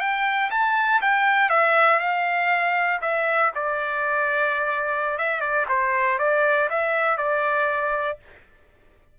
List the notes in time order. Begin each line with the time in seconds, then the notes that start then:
0.00 G5
0.51 A5
1.02 G5
1.50 E5
2.00 F5
3.02 E5
3.56 D5
5.18 E5
5.41 D5
5.69 C5
6.19 D5
6.70 E5
7.18 D5